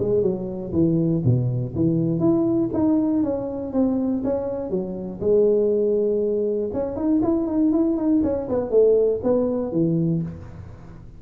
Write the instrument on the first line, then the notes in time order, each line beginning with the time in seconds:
tuba
0.00 G#3
0.22 F#3
0.72 E3
1.25 B2
1.75 E3
2.20 E4
2.73 D#4
3.23 C#4
3.73 C4
4.24 C#4
4.70 F#3
5.21 G#3
6.73 C#4
6.96 D#4
7.22 E4
7.47 D#4
7.72 E4
7.97 D#4
8.23 C#4
8.49 B3
8.71 A3
9.23 B3
9.72 E3